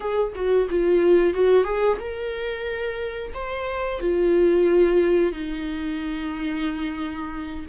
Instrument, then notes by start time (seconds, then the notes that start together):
viola
0.00 G#4
0.35 F#4
0.69 F4
1.34 F#4
1.64 G#4
1.99 A#4
3.34 C5
4.00 F4
5.32 D#4